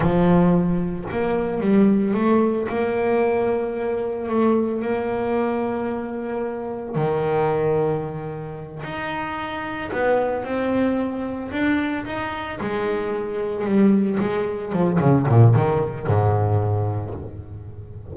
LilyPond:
\new Staff \with { instrumentName = "double bass" } { \time 4/4 \tempo 4 = 112 f2 ais4 g4 | a4 ais2. | a4 ais2.~ | ais4 dis2.~ |
dis8 dis'2 b4 c'8~ | c'4. d'4 dis'4 gis8~ | gis4. g4 gis4 f8 | cis8 ais,8 dis4 gis,2 | }